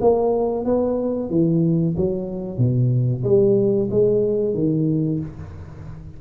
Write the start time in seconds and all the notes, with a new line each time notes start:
0.00 A#3
0.65 B3
1.29 E3
1.96 F#3
2.58 B2
3.23 G3
3.90 G#3
4.54 D#3